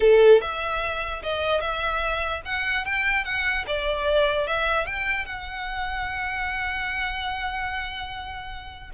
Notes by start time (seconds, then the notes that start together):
0.00 A4
0.41 E5
1.22 D#5
1.60 E5
2.45 F#5
2.85 G5
3.24 F#5
3.67 D5
4.47 E5
4.85 G5
5.25 F#5